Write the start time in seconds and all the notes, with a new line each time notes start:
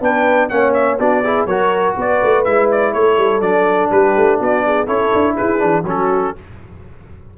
0.00 B3 D4 B4 G5
0.48 A#3 C#4 C#5 F#5
0.73 E5
0.99 B3 D4 F#4 D5
1.23 E4 G#4
1.45 F#3 F#4 A#4 C#5
1.96 B3 B4 D5
2.22 A3
2.44 G#3 E4 E5
2.71 D5
2.93 A3 A4 C#5
3.17 G3
3.40 F#3 D4 D5
3.91 G3 G4 B4
4.16 A3
4.39 B3 F#4 D5
4.66 G#4
4.86 C#4 E4 A4 C#5
5.14 D4
5.35 E4 G#4 B4
5.58 E3 D4
5.83 F#3 C#4 F#4 A4